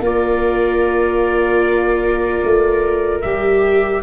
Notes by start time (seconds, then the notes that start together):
0.00 A#3 F4 A#4
0.06 D5
2.44 A3
3.22 G3 G4 E5